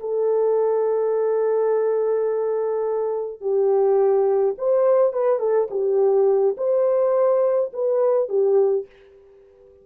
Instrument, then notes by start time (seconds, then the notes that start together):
horn
0.00 A4
3.41 G4
4.58 C5
5.13 B4
5.39 A4
5.70 G4
6.57 C5
7.73 B4
8.29 G4